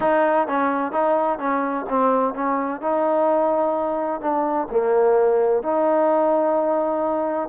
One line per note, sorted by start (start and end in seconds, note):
0.00 0.47 D#4
0.47 0.91 C#4
0.91 1.38 D#4
1.38 1.85 C#4
1.89 2.34 C4
2.34 2.81 C#4
2.81 4.20 D#4
4.20 4.67 D4
4.70 5.62 A#3
5.62 7.49 D#4